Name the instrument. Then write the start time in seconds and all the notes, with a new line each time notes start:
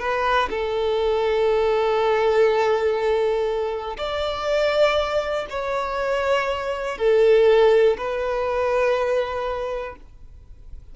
violin
0.00 B4
0.50 A4
3.98 D5
5.50 C#5
6.98 A4
7.98 B4